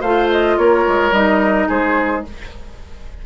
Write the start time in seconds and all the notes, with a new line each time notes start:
0.00 A3 F4 C5 F5
0.30 D#5
0.57 A#3 A#4 C#5
0.87 G#3
1.11 G3 D#4 D#5
1.68 G#3 G#4 C5